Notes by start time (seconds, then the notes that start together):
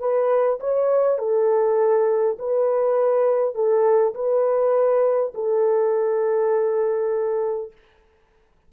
0.00 B4
0.60 C#5
1.19 A4
2.39 B4
3.55 A4
4.15 B4
5.35 A4